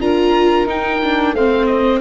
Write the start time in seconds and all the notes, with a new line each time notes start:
0.00 D4 F4 A#4 A#5
0.65 D#4 G5
1.03 D4
1.33 A3 C4 C5 F5
1.66 D#5